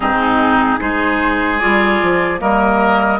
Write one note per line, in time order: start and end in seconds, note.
0.00 0.77 G#2
0.00 0.79 C4
0.00 0.80 D#4
0.00 0.80 G#4
0.79 1.61 G#3
0.79 1.59 D#4
0.79 2.40 G#4
0.79 1.59 C5
1.59 2.02 G3
1.59 2.39 F4
1.59 2.39 D5
2.02 2.41 F3
2.39 3.19 G3
2.39 3.19 A#3
2.39 3.19 A#4
2.39 3.19 D#5